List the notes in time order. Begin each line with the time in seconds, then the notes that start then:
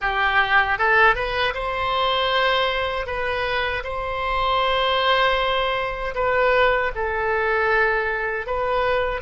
0.01 G4
0.78 A4
1.15 B4
1.54 C5
3.06 B4
3.83 C5
6.14 B4
6.95 A4
8.46 B4